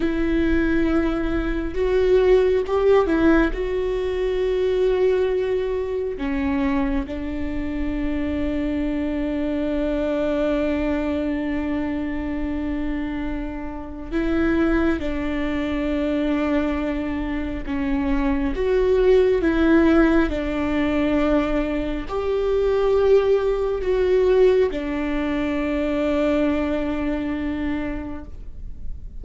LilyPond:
\new Staff \with { instrumentName = "viola" } { \time 4/4 \tempo 4 = 68 e'2 fis'4 g'8 e'8 | fis'2. cis'4 | d'1~ | d'1 |
e'4 d'2. | cis'4 fis'4 e'4 d'4~ | d'4 g'2 fis'4 | d'1 | }